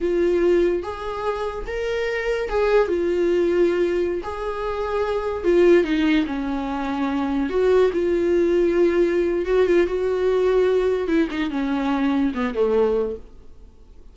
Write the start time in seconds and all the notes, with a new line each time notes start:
0.01 F4
0.83 G#4
1.66 A#4
2.49 G#4
2.88 F4
4.23 G#4
5.44 F4
5.84 D#4
6.26 C#4
7.49 F#4
7.93 F4
9.45 F#4
9.66 F4
9.86 F#4
11.07 E4
11.30 D#4
11.50 C#4
12.34 B3
12.54 A3